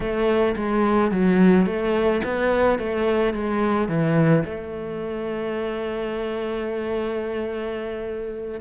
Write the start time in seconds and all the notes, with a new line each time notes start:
0.00 A3
0.56 G#3
1.11 F#3
1.66 A3
2.24 B3
2.78 A3
3.33 G#3
3.88 E3
4.44 A3